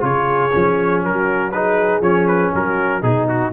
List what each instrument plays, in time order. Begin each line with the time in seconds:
0.00 tuba C#3, trombone F4, horn G#4, trumpet C#5
0.52 tuba F3, trombone C#4
1.03 tuba F#3, horn F#4, trumpet A#4
1.51 trombone D#4, horn G#4, trumpet B4
2.00 tuba F3, trombone C#4, trumpet C#5
2.27 trumpet B4
2.52 tuba F#3, horn F#4, trumpet A#4
3.01 tuba B2, trombone D#4, horn D#4, trumpet G#4
3.28 trumpet F#4